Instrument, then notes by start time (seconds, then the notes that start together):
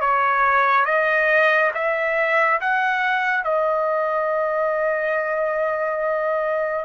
trumpet
0.00 C#5
0.85 D#5
1.74 E5
2.61 F#5
3.44 D#5